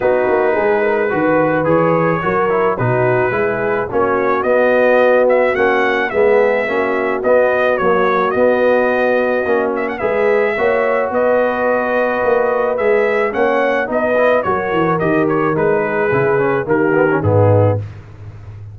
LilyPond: <<
  \new Staff \with { instrumentName = "trumpet" } { \time 4/4 \tempo 4 = 108 b'2. cis''4~ | cis''4 b'2 cis''4 | dis''4. e''8 fis''4 e''4~ | e''4 dis''4 cis''4 dis''4~ |
dis''4. e''16 fis''16 e''2 | dis''2. e''4 | fis''4 dis''4 cis''4 dis''8 cis''8 | b'2 ais'4 gis'4 | }
  \new Staff \with { instrumentName = "horn" } { \time 4/4 fis'4 gis'8 ais'8 b'2 | ais'4 fis'4 gis'4 fis'4~ | fis'2. gis'4 | fis'1~ |
fis'2 b'4 cis''4 | b'1 | cis''4 b'4 ais'2~ | ais'8 gis'4. g'4 dis'4 | }
  \new Staff \with { instrumentName = "trombone" } { \time 4/4 dis'2 fis'4 gis'4 | fis'8 e'8 dis'4 e'4 cis'4 | b2 cis'4 b4 | cis'4 b4 fis4 b4~ |
b4 cis'4 gis'4 fis'4~ | fis'2. gis'4 | cis'4 dis'8 e'8 fis'4 g'4 | dis'4 e'8 cis'8 ais8 b16 cis'16 b4 | }
  \new Staff \with { instrumentName = "tuba" } { \time 4/4 b8 ais8 gis4 dis4 e4 | fis4 b,4 gis4 ais4 | b2 ais4 gis4 | ais4 b4 ais4 b4~ |
b4 ais4 gis4 ais4 | b2 ais4 gis4 | ais4 b4 fis8 e8 dis4 | gis4 cis4 dis4 gis,4 | }
>>